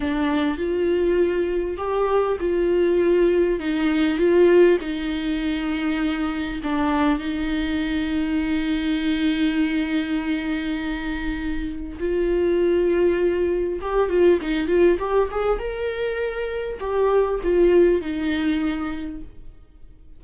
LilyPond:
\new Staff \with { instrumentName = "viola" } { \time 4/4 \tempo 4 = 100 d'4 f'2 g'4 | f'2 dis'4 f'4 | dis'2. d'4 | dis'1~ |
dis'1 | f'2. g'8 f'8 | dis'8 f'8 g'8 gis'8 ais'2 | g'4 f'4 dis'2 | }